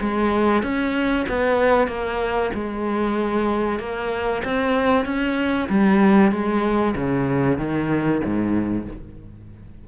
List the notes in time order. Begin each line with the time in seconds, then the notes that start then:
0.00 G#3
0.62 C#4
1.28 B3
1.87 A#3
2.53 G#3
3.79 A#3
4.44 C4
5.05 C#4
5.69 G3
6.31 G#3
6.95 C#3
7.58 D#3
8.24 G#2